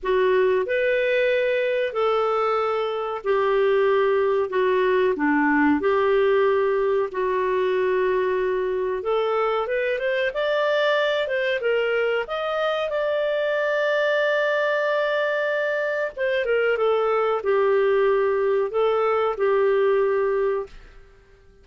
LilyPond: \new Staff \with { instrumentName = "clarinet" } { \time 4/4 \tempo 4 = 93 fis'4 b'2 a'4~ | a'4 g'2 fis'4 | d'4 g'2 fis'4~ | fis'2 a'4 b'8 c''8 |
d''4. c''8 ais'4 dis''4 | d''1~ | d''4 c''8 ais'8 a'4 g'4~ | g'4 a'4 g'2 | }